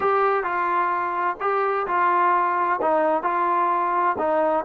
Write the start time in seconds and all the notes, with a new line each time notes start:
0.00 G4
0.43 F4
1.40 G4
1.87 F4
2.81 D#4
3.22 F4
4.18 D#4